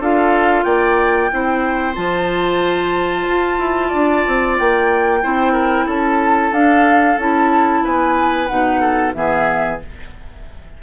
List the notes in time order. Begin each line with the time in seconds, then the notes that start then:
0.00 D4 F4 A4 F5
0.63 A#3 D5 G5
1.31 C4 E4 C5
1.95 F3 F4 A5
3.28 F4
3.59 E4
3.88 D4 D5
4.27 C4
4.58 A#3 G5
5.22 C4 E4 C5
5.52 A#4
5.86 C#4 A4 A5
6.52 D4 F5
7.18 C#4 E4 A5
7.84 B3 B4 G#5
8.46 B2 D#4 F#5
8.80 A4
9.14 E3 B3 G#4 E5